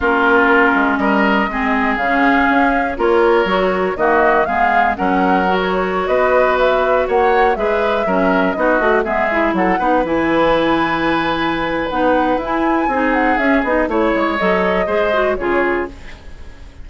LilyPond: <<
  \new Staff \with { instrumentName = "flute" } { \time 4/4 \tempo 4 = 121 ais'2 dis''2 | f''2 cis''2 | dis''4 f''4 fis''4~ fis''16 cis''8.~ | cis''16 dis''4 e''4 fis''4 e''8.~ |
e''4~ e''16 dis''4 e''4 fis''8.~ | fis''16 gis''2.~ gis''8. | fis''4 gis''4. fis''8 e''8 dis''8 | cis''4 dis''2 cis''4 | }
  \new Staff \with { instrumentName = "oboe" } { \time 4/4 f'2 ais'4 gis'4~ | gis'2 ais'2 | fis'4 gis'4 ais'2~ | ais'16 b'2 cis''4 b'8.~ |
b'16 ais'4 fis'4 gis'4 a'8 b'16~ | b'1~ | b'2 gis'2 | cis''2 c''4 gis'4 | }
  \new Staff \with { instrumentName = "clarinet" } { \time 4/4 cis'2. c'4 | cis'2 f'4 fis'4 | ais4 b4 cis'4 fis'4~ | fis'2.~ fis'16 gis'8.~ |
gis'16 cis'4 dis'8 fis'8 b8 e'4 dis'16~ | dis'16 e'2.~ e'8. | dis'4 e'4 dis'4 cis'8 dis'8 | e'4 a'4 gis'8 fis'8 f'4 | }
  \new Staff \with { instrumentName = "bassoon" } { \time 4/4 ais4. gis8 g4 gis4 | cis4 cis'4 ais4 fis4 | dis4 gis4 fis2~ | fis16 b2 ais4 gis8.~ |
gis16 fis4 b8 a8 gis4 fis8 b16~ | b16 e2.~ e8. | b4 e'4 c'4 cis'8 b8 | a8 gis8 fis4 gis4 cis4 | }
>>